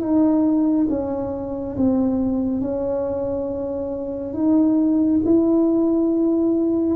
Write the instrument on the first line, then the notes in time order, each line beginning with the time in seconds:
tuba
0.00 D#4
0.90 C#4
1.77 C4
2.62 C#4
4.34 D#4
5.25 E4